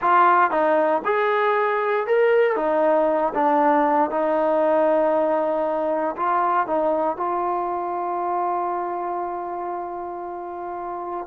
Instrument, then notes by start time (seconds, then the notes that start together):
trombone
0.01 F4
0.50 D#4
1.04 G#4
2.07 A#4
2.56 D#4
3.34 D4
4.10 D#4
6.16 F4
6.67 D#4
7.17 F4